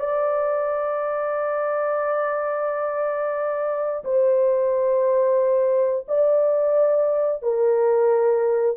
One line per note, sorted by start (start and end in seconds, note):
0.00 4.04 D5
4.05 6.07 C5
6.08 7.43 D5
7.43 8.77 A#4